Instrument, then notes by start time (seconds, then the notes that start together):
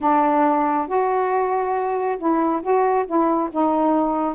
saxophone
0.00 D4
0.87 F#4
2.18 E4
2.62 F#4
3.06 E4
3.51 D#4